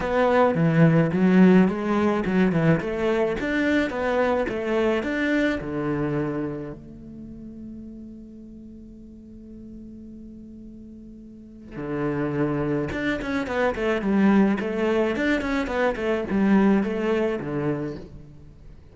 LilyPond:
\new Staff \with { instrumentName = "cello" } { \time 4/4 \tempo 4 = 107 b4 e4 fis4 gis4 | fis8 e8 a4 d'4 b4 | a4 d'4 d2 | a1~ |
a1~ | a4 d2 d'8 cis'8 | b8 a8 g4 a4 d'8 cis'8 | b8 a8 g4 a4 d4 | }